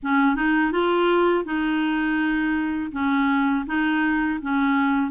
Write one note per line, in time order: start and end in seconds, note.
0.03 0.35 C#4
0.35 0.72 D#4
0.72 1.45 F4
1.45 2.91 D#4
2.92 3.65 C#4
3.66 4.39 D#4
4.41 5.11 C#4